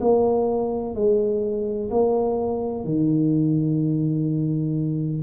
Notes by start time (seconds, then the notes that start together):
0.00 A#3
0.94 G#3
1.90 A#3
2.84 D#3